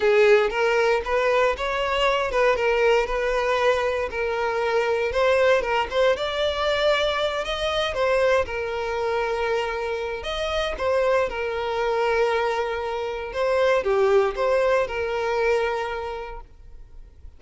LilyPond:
\new Staff \with { instrumentName = "violin" } { \time 4/4 \tempo 4 = 117 gis'4 ais'4 b'4 cis''4~ | cis''8 b'8 ais'4 b'2 | ais'2 c''4 ais'8 c''8 | d''2~ d''8 dis''4 c''8~ |
c''8 ais'2.~ ais'8 | dis''4 c''4 ais'2~ | ais'2 c''4 g'4 | c''4 ais'2. | }